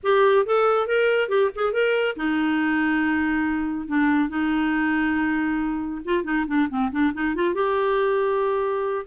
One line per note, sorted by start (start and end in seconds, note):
0.03 0.46 G4
0.46 0.87 A4
0.87 1.28 A#4
1.28 1.50 G4
1.55 1.73 G#4
1.73 2.16 A#4
2.16 3.87 D#4
3.87 4.29 D4
4.29 6.01 D#4
6.04 6.24 F4
6.24 6.45 D#4
6.47 6.68 D4
6.69 6.91 C4
6.91 7.13 D4
7.13 7.35 D#4
7.35 7.54 F4
7.54 9.05 G4